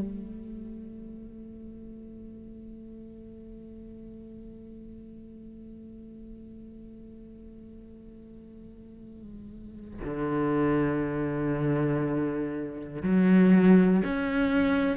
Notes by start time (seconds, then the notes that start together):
0.00 A3
10.05 D3
13.03 F#3
14.05 C#4